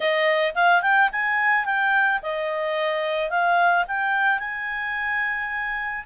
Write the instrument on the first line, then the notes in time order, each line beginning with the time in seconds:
clarinet
0.00 D#5
0.55 F5
0.82 G5
1.12 G#5
1.65 G5
2.22 D#5
3.30 F5
3.87 G5
4.39 G#5